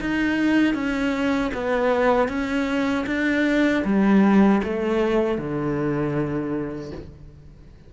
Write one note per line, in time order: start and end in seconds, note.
0.00 0.74 D#4
0.74 1.51 C#4
1.54 2.28 B3
2.28 3.05 C#4
3.06 3.83 D4
3.84 4.61 G3
4.63 5.38 A3
5.38 6.92 D3